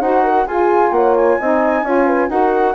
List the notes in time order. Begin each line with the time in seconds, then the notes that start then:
0.00 D#4 F#4 C5 F#5
0.23 A#4
0.46 F4 G#4 G#5
0.91 A#3 C#5 F#5
1.16 G#5
1.39 C4 D#4 D#5
1.82 C#4 F4 C#5
2.06 B4
2.29 D#4 F#4 A#4 F#5